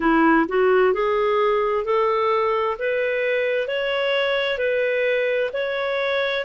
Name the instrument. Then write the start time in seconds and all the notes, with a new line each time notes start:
clarinet
0.00 E4
0.48 F#4
0.93 G#4
1.85 A4
2.78 B4
3.67 C#5
4.58 B4
5.53 C#5